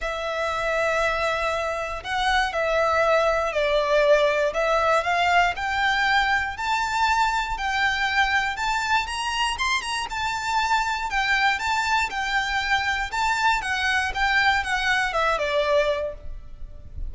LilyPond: \new Staff \with { instrumentName = "violin" } { \time 4/4 \tempo 4 = 119 e''1 | fis''4 e''2 d''4~ | d''4 e''4 f''4 g''4~ | g''4 a''2 g''4~ |
g''4 a''4 ais''4 c'''8 ais''8 | a''2 g''4 a''4 | g''2 a''4 fis''4 | g''4 fis''4 e''8 d''4. | }